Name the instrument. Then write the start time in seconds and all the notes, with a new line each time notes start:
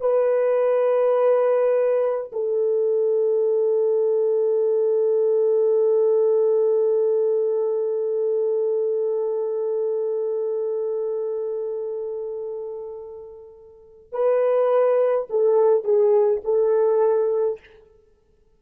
horn
0.00 B4
2.32 A4
14.12 B4
15.29 A4
15.84 G#4
16.44 A4